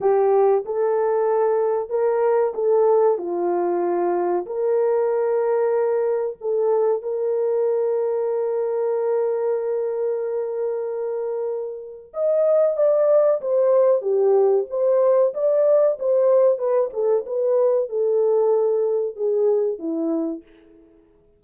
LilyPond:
\new Staff \with { instrumentName = "horn" } { \time 4/4 \tempo 4 = 94 g'4 a'2 ais'4 | a'4 f'2 ais'4~ | ais'2 a'4 ais'4~ | ais'1~ |
ais'2. dis''4 | d''4 c''4 g'4 c''4 | d''4 c''4 b'8 a'8 b'4 | a'2 gis'4 e'4 | }